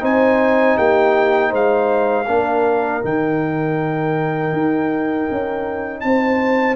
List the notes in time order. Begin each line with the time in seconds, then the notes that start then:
0.00 C4 D#4 C5 G#5
0.77 A#3 G4 G5
1.50 G#3 C5 F5
2.27 A#3 D4 A#4
3.02 D#3 D#4 G5
4.53 D#4
5.31 C#4
6.01 C4 C5 A5